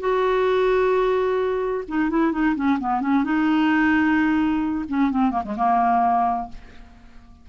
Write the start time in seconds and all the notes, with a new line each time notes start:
0.00 F#4
1.88 D#4
2.10 E4
2.32 D#4
2.56 C#4
2.80 B3
3.01 C#4
3.24 D#4
4.89 C#4
5.11 C4
5.31 A#3
5.45 G#3
5.56 A#3